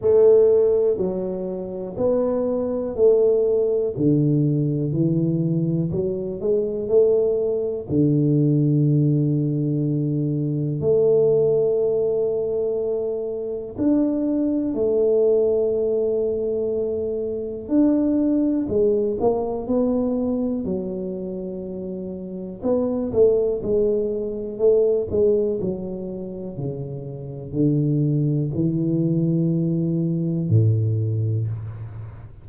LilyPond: \new Staff \with { instrumentName = "tuba" } { \time 4/4 \tempo 4 = 61 a4 fis4 b4 a4 | d4 e4 fis8 gis8 a4 | d2. a4~ | a2 d'4 a4~ |
a2 d'4 gis8 ais8 | b4 fis2 b8 a8 | gis4 a8 gis8 fis4 cis4 | d4 e2 a,4 | }